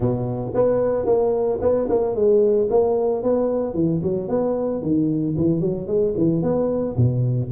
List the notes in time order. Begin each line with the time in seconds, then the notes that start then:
0.00 B2
0.54 B3
1.05 A#3
1.61 B3
1.89 A#3
2.15 G#3
2.70 A#3
3.22 B3
3.74 E3
4.03 F#3
4.28 B3
4.82 D#3
5.37 E3
5.60 F#3
5.87 G#3
6.17 E3
6.42 B3
6.96 B2